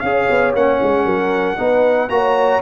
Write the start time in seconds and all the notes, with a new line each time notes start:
0.00 C#4 G#4 C#5 F5
0.30 B3
0.54 A#3 C#4 F#5
0.83 G#3
1.05 F#3 A#4
1.57 B3 D#4 B4
2.10 A#3 F#4 C#5 A#5